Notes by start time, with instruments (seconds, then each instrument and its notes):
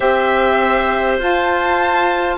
0.00 bassoon C4, saxophone G4, clarinet C5, violin E5
1.19 bassoon F4, saxophone F4, violin A5